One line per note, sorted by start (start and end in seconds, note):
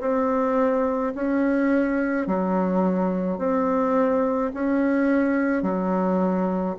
0.00 1.13 C4
1.15 2.27 C#4
2.27 3.38 F#3
3.38 4.51 C4
4.54 5.62 C#4
5.62 6.76 F#3